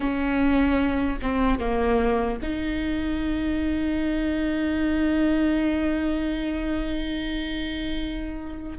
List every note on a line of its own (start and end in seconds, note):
0.00 1.19 C#4
1.21 1.59 C4
1.59 2.39 A#3
2.41 8.78 D#4